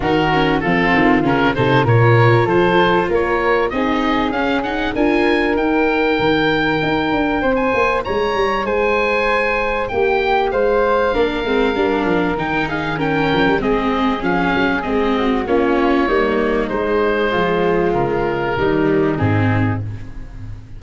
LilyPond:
<<
  \new Staff \with { instrumentName = "oboe" } { \time 4/4 \tempo 4 = 97 ais'4 a'4 ais'8 c''8 cis''4 | c''4 cis''4 dis''4 f''8 fis''8 | gis''4 g''2.~ | g''16 gis''8. ais''4 gis''2 |
g''4 f''2. | g''8 f''8 g''4 dis''4 f''4 | dis''4 cis''2 c''4~ | c''4 ais'2 gis'4 | }
  \new Staff \with { instrumentName = "flute" } { \time 4/4 fis'4 f'4. a'8 ais'4 | a'4 ais'4 gis'2 | ais'1 | c''4 cis''4 c''2 |
g'4 c''4 ais'2~ | ais'8 gis'8 ais'4 gis'2~ | gis'8 fis'8 f'4 dis'2 | f'2 dis'2 | }
  \new Staff \with { instrumentName = "viola" } { \time 4/4 dis'8 cis'8 c'4 cis'8 dis'8 f'4~ | f'2 dis'4 cis'8 dis'8 | f'4 dis'2.~ | dis'1~ |
dis'2 d'8 c'8 d'4 | dis'4 cis'4 c'4 cis'4 | c'4 cis'4 ais4 gis4~ | gis2 g4 c'4 | }
  \new Staff \with { instrumentName = "tuba" } { \time 4/4 dis4 f8 dis8 cis8 c8 ais,4 | f4 ais4 c'4 cis'4 | d'4 dis'4 dis4 dis'8 d'8 | c'8 ais8 gis8 g8 gis2 |
ais4 gis4 ais8 gis8 g8 f8 | dis4. f16 g16 gis4 f8 fis8 | gis4 ais4 g4 gis4 | f4 cis4 dis4 gis,4 | }
>>